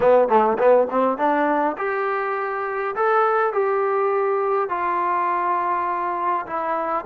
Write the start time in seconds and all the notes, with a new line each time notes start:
0.00 B3
0.28 A3
0.58 B3
0.90 C4
1.17 D4
1.77 G4
2.95 A4
3.53 G4
4.69 F4
6.46 E4